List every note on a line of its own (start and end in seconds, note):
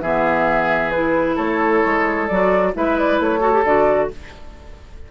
0.00 1.37 E3
0.00 0.93 B3
0.00 1.35 G#4
0.00 0.91 E5
0.91 2.29 E4
0.91 1.36 B4
1.35 1.83 A3
1.35 2.72 A4
1.35 2.27 C#5
1.84 2.30 G#3
2.27 2.75 F#3
2.27 2.73 F#4
2.27 2.72 D5
2.73 3.19 G#3
2.73 3.40 E4
2.73 3.40 B4
2.73 2.98 E5
2.98 3.21 D5
3.19 3.64 A3
3.19 3.65 C#5
3.40 3.51 F#4
3.40 4.08 A4
3.53 3.64 G4
3.64 4.09 D3
3.64 4.11 F#4
3.64 4.10 D5